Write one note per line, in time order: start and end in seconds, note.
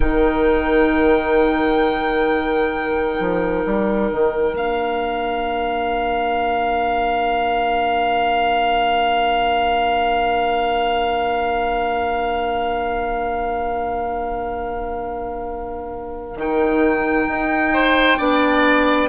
0.00 3.19 D#3
0.00 4.53 D#4
0.00 17.70 A#4
0.00 4.54 G5
3.19 3.65 F3
3.65 4.11 G3
4.11 4.54 D#3
4.53 16.35 A#3
4.53 16.34 D4
4.53 16.38 F5
16.35 17.26 D#3
16.35 18.18 D#4
16.35 19.08 G5
17.27 18.18 D#4
17.73 18.18 C5
18.18 19.08 B3
18.18 19.08 D4
18.18 19.08 D5